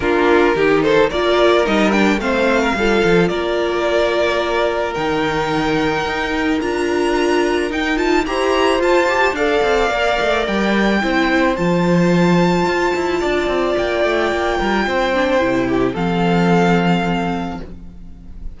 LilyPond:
<<
  \new Staff \with { instrumentName = "violin" } { \time 4/4 \tempo 4 = 109 ais'4. c''8 d''4 dis''8 g''8 | f''2 d''2~ | d''4 g''2. | ais''2 g''8 a''8 ais''4 |
a''4 f''2 g''4~ | g''4 a''2.~ | a''4 g''2.~ | g''4 f''2. | }
  \new Staff \with { instrumentName = "violin" } { \time 4/4 f'4 g'8 a'8 ais'2 | c''8. ais'16 a'4 ais'2~ | ais'1~ | ais'2. c''4~ |
c''4 d''2. | c''1 | d''2~ d''8 ais'8 c''4~ | c''8 g'8 a'2. | }
  \new Staff \with { instrumentName = "viola" } { \time 4/4 d'4 dis'4 f'4 dis'8 d'8 | c'4 f'2.~ | f'4 dis'2. | f'2 dis'8 f'8 g'4 |
f'8 g'8 a'4 ais'2 | e'4 f'2.~ | f'2.~ f'8 d'8 | e'4 c'2. | }
  \new Staff \with { instrumentName = "cello" } { \time 4/4 ais4 dis4 ais4 g4 | a4 g8 f8 ais2~ | ais4 dis2 dis'4 | d'2 dis'4 e'4 |
f'4 d'8 c'8 ais8 a8 g4 | c'4 f2 f'8 e'8 | d'8 c'8 ais8 a8 ais8 g8 c'4 | c4 f2. | }
>>